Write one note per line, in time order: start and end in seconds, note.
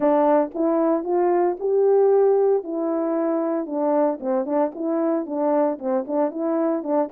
0.00 0.51 D4
0.54 1.04 E4
1.04 1.56 F4
1.59 2.63 G4
2.63 3.66 E4
3.66 4.18 D4
4.19 4.45 C4
4.45 4.71 D4
4.74 5.26 E4
5.26 5.78 D4
5.78 6.05 C4
6.07 6.31 D4
6.31 6.83 E4
6.83 7.09 D4